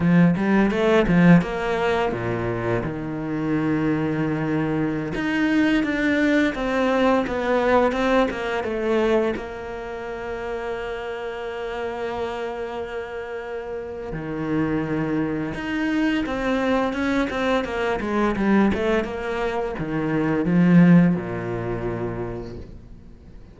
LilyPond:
\new Staff \with { instrumentName = "cello" } { \time 4/4 \tempo 4 = 85 f8 g8 a8 f8 ais4 ais,4 | dis2.~ dis16 dis'8.~ | dis'16 d'4 c'4 b4 c'8 ais16~ | ais16 a4 ais2~ ais8.~ |
ais1 | dis2 dis'4 c'4 | cis'8 c'8 ais8 gis8 g8 a8 ais4 | dis4 f4 ais,2 | }